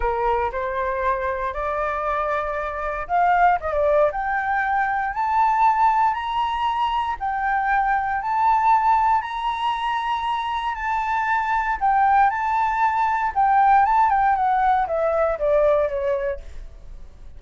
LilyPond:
\new Staff \with { instrumentName = "flute" } { \time 4/4 \tempo 4 = 117 ais'4 c''2 d''4~ | d''2 f''4 dis''16 d''8. | g''2 a''2 | ais''2 g''2 |
a''2 ais''2~ | ais''4 a''2 g''4 | a''2 g''4 a''8 g''8 | fis''4 e''4 d''4 cis''4 | }